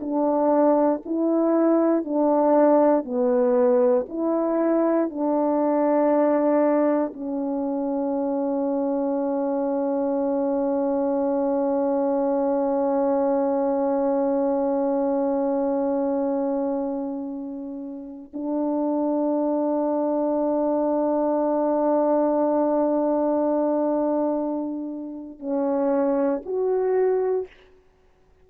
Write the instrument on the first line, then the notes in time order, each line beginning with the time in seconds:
horn
0.00 D4
1.05 E4
2.04 D4
3.04 B3
4.09 E4
5.10 D4
7.13 C#4
18.33 D4
25.40 C#4
26.45 F#4